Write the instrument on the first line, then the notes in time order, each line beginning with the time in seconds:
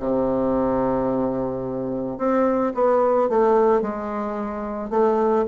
bassoon
0.00 C3
2.18 C4
2.75 B3
3.30 A3
3.82 G#3
4.90 A3